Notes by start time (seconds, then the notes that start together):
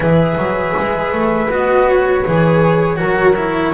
0.00 E3 G#4 B4 E5
0.37 F#3
0.77 G#3
1.11 A3
1.49 B3 F#4 D#5
1.88 C#5
2.25 E3 G#4
2.96 F#3 F#4 A#4
3.36 E4